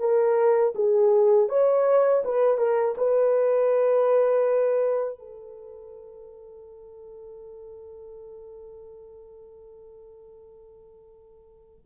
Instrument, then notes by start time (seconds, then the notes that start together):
horn
0.00 A#4
0.75 G#4
1.49 C#5
2.25 B4
2.58 A#4
2.98 B4
5.19 A4